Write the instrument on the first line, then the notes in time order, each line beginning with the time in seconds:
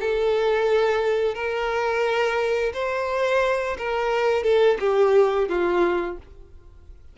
violin
0.00 A4
1.34 A#4
2.73 C5
3.78 A#4
4.43 A4
4.80 G4
5.48 F4